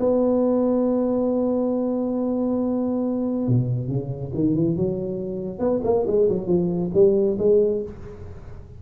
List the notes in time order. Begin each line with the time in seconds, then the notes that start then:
0.00 B3
3.48 B2
3.88 C#3
4.34 D#3
4.55 E3
4.76 F#3
5.59 B3
5.84 A#3
6.07 G#3
6.29 F#3
6.47 F3
6.94 G3
7.39 G#3